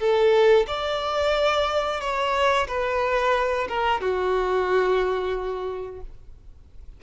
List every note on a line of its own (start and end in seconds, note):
0.00 0.67 A4
0.67 2.01 D5
2.01 2.67 C#5
2.68 3.68 B4
3.68 4.01 A#4
4.01 6.01 F#4